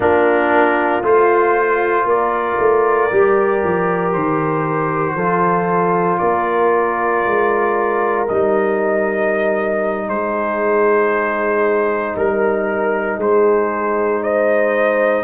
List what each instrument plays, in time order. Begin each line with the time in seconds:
0.00 tuba A#3, trombone D4, horn F4, trumpet A#4
1.02 tuba A3, trombone F4, trumpet C5
2.05 tuba A#3, horn A#4, trumpet D5
2.58 tuba A3
3.11 tuba G3, trombone G4
3.63 tuba F3
4.12 tuba D#3, trumpet C5
5.15 tuba F3, trombone F4, horn A4
6.18 tuba A#3, horn A#4, trumpet D5
7.25 tuba G#3
8.28 tuba G3, trombone D#4, trumpet D#5
10.08 tuba G#3, horn G#4, trumpet C5
12.16 tuba G3, horn A#4, trumpet A#4
13.17 tuba G#3, horn G#4, trumpet C5
14.23 horn C5, trumpet D#5